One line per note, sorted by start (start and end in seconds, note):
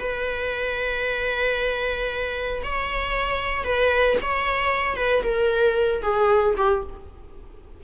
0.00 2.63 B4
2.64 3.65 C#5
3.65 4.17 B4
4.22 4.97 C#5
4.97 5.23 B4
5.24 6.02 A#4
6.02 6.55 G#4
6.58 6.84 G4